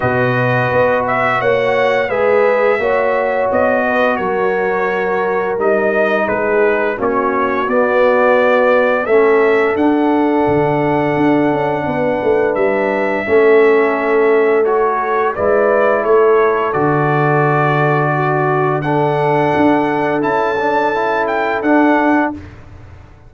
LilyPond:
<<
  \new Staff \with { instrumentName = "trumpet" } { \time 4/4 \tempo 4 = 86 dis''4. e''8 fis''4 e''4~ | e''4 dis''4 cis''2 | dis''4 b'4 cis''4 d''4~ | d''4 e''4 fis''2~ |
fis''2 e''2~ | e''4 cis''4 d''4 cis''4 | d''2. fis''4~ | fis''4 a''4. g''8 fis''4 | }
  \new Staff \with { instrumentName = "horn" } { \time 4/4 b'2 cis''4 b'4 | cis''4. b'8 ais'2~ | ais'4 gis'4 fis'2~ | fis'4 a'2.~ |
a'4 b'2 a'4~ | a'2 b'4 a'4~ | a'2 fis'4 a'4~ | a'1 | }
  \new Staff \with { instrumentName = "trombone" } { \time 4/4 fis'2. gis'4 | fis'1 | dis'2 cis'4 b4~ | b4 cis'4 d'2~ |
d'2. cis'4~ | cis'4 fis'4 e'2 | fis'2. d'4~ | d'4 e'8 d'8 e'4 d'4 | }
  \new Staff \with { instrumentName = "tuba" } { \time 4/4 b,4 b4 ais4 gis4 | ais4 b4 fis2 | g4 gis4 ais4 b4~ | b4 a4 d'4 d4 |
d'8 cis'8 b8 a8 g4 a4~ | a2 gis4 a4 | d1 | d'4 cis'2 d'4 | }
>>